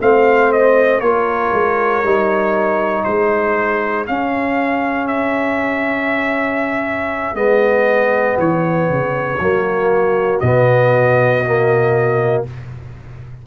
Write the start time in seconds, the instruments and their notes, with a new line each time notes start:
0.00 tuba A3, trombone C4, horn C5, trumpet F5
0.53 trumpet D#5
1.01 tuba A#3, trombone F4, horn A#4, trumpet C#5
1.53 tuba G#3
2.04 tuba G3, trombone D#4
3.04 tuba G#3, horn G#4, trumpet C5
4.07 trombone C#4, tuba C#4, trumpet F5
5.08 trumpet E5
7.35 tuba G#3, trombone B3, trumpet D#5
8.39 tuba E3, trumpet C#5
8.90 tuba C#3
9.40 tuba F#3, trombone A#3, horn F#4
10.40 tuba B2, trombone B3, trumpet D#5
11.45 trombone A#3